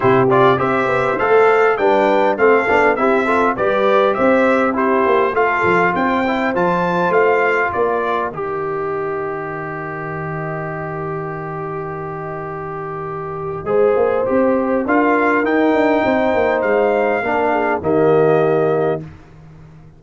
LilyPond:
<<
  \new Staff \with { instrumentName = "trumpet" } { \time 4/4 \tempo 4 = 101 c''8 d''8 e''4 f''4 g''4 | f''4 e''4 d''4 e''4 | c''4 f''4 g''4 a''4 | f''4 d''4 dis''2~ |
dis''1~ | dis''1~ | dis''4 f''4 g''2 | f''2 dis''2 | }
  \new Staff \with { instrumentName = "horn" } { \time 4/4 g'4 c''2 b'4 | a'4 g'8 a'8 b'4 c''4 | g'4 a'4 c''2~ | c''4 ais'2.~ |
ais'1~ | ais'2. c''4~ | c''4 ais'2 c''4~ | c''4 ais'8 gis'8 g'2 | }
  \new Staff \with { instrumentName = "trombone" } { \time 4/4 e'8 f'8 g'4 a'4 d'4 | c'8 d'8 e'8 f'8 g'2 | e'4 f'4. e'8 f'4~ | f'2 g'2~ |
g'1~ | g'2. gis'4 | g'4 f'4 dis'2~ | dis'4 d'4 ais2 | }
  \new Staff \with { instrumentName = "tuba" } { \time 4/4 c4 c'8 b8 a4 g4 | a8 b8 c'4 g4 c'4~ | c'8 ais8 a8 f8 c'4 f4 | a4 ais4 dis2~ |
dis1~ | dis2. gis8 ais8 | c'4 d'4 dis'8 d'8 c'8 ais8 | gis4 ais4 dis2 | }
>>